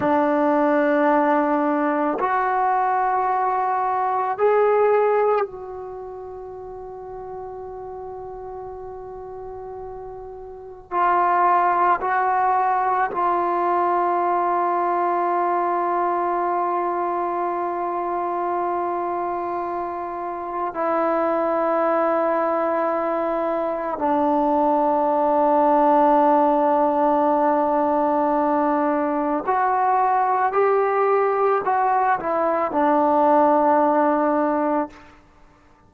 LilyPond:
\new Staff \with { instrumentName = "trombone" } { \time 4/4 \tempo 4 = 55 d'2 fis'2 | gis'4 fis'2.~ | fis'2 f'4 fis'4 | f'1~ |
f'2. e'4~ | e'2 d'2~ | d'2. fis'4 | g'4 fis'8 e'8 d'2 | }